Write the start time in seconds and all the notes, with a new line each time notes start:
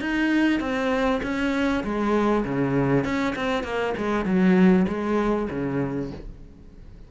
0.00 D#4
0.60 C4
1.23 C#4
1.83 G#3
2.44 C#3
3.04 C#4
3.35 C4
3.63 A#3
3.97 G#3
4.25 F#3
4.88 G#3
5.50 C#3